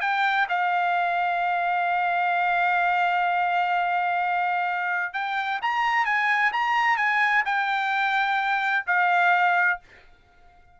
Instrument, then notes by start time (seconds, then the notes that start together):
trumpet
0.00 G5
0.49 F5
5.13 G5
5.61 A#5
6.05 G#5
6.52 A#5
6.97 G#5
7.45 G5
8.86 F5